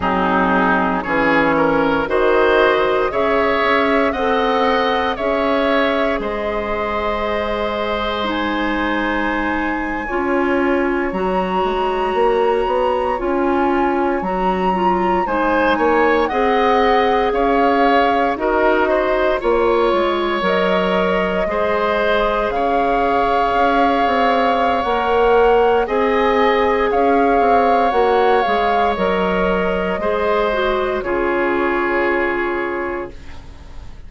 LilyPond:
<<
  \new Staff \with { instrumentName = "flute" } { \time 4/4 \tempo 4 = 58 gis'4 cis''4 dis''4 e''4 | fis''4 e''4 dis''2 | gis''2~ gis''8. ais''4~ ais''16~ | ais''8. gis''4 ais''4 gis''4 fis''16~ |
fis''8. f''4 dis''4 cis''4 dis''16~ | dis''4.~ dis''16 f''2~ f''16 | fis''4 gis''4 f''4 fis''8 f''8 | dis''2 cis''2 | }
  \new Staff \with { instrumentName = "oboe" } { \time 4/4 dis'4 gis'8 ais'8 c''4 cis''4 | dis''4 cis''4 c''2~ | c''4.~ c''16 cis''2~ cis''16~ | cis''2~ cis''8. c''8 cis''8 dis''16~ |
dis''8. cis''4 ais'8 c''8 cis''4~ cis''16~ | cis''8. c''4 cis''2~ cis''16~ | cis''4 dis''4 cis''2~ | cis''4 c''4 gis'2 | }
  \new Staff \with { instrumentName = "clarinet" } { \time 4/4 c'4 cis'4 fis'4 gis'4 | a'4 gis'2. | dis'4.~ dis'16 f'4 fis'4~ fis'16~ | fis'8. f'4 fis'8 f'8 dis'4 gis'16~ |
gis'4.~ gis'16 fis'4 f'4 ais'16~ | ais'8. gis'2.~ gis'16 | ais'4 gis'2 fis'8 gis'8 | ais'4 gis'8 fis'8 f'2 | }
  \new Staff \with { instrumentName = "bassoon" } { \time 4/4 fis4 e4 dis4 cis8 cis'8 | c'4 cis'4 gis2~ | gis4.~ gis16 cis'4 fis8 gis8 ais16~ | ais16 b8 cis'4 fis4 gis8 ais8 c'16~ |
c'8. cis'4 dis'4 ais8 gis8 fis16~ | fis8. gis4 cis4 cis'8 c'8. | ais4 c'4 cis'8 c'8 ais8 gis8 | fis4 gis4 cis2 | }
>>